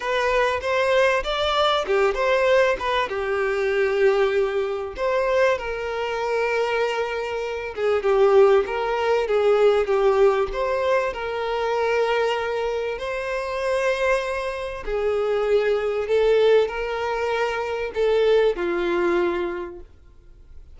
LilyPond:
\new Staff \with { instrumentName = "violin" } { \time 4/4 \tempo 4 = 97 b'4 c''4 d''4 g'8 c''8~ | c''8 b'8 g'2. | c''4 ais'2.~ | ais'8 gis'8 g'4 ais'4 gis'4 |
g'4 c''4 ais'2~ | ais'4 c''2. | gis'2 a'4 ais'4~ | ais'4 a'4 f'2 | }